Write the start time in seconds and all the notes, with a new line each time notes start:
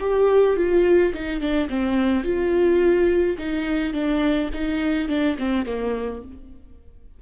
0.00 G4
0.57 F4
1.14 D#4
1.40 D4
1.69 C4
2.24 F4
3.38 D#4
3.93 D4
4.54 D#4
5.09 D4
5.39 C4
5.66 A#3